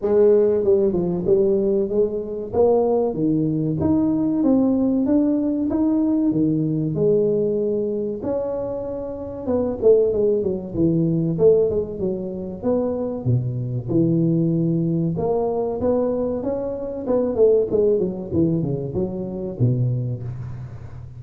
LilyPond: \new Staff \with { instrumentName = "tuba" } { \time 4/4 \tempo 4 = 95 gis4 g8 f8 g4 gis4 | ais4 dis4 dis'4 c'4 | d'4 dis'4 dis4 gis4~ | gis4 cis'2 b8 a8 |
gis8 fis8 e4 a8 gis8 fis4 | b4 b,4 e2 | ais4 b4 cis'4 b8 a8 | gis8 fis8 e8 cis8 fis4 b,4 | }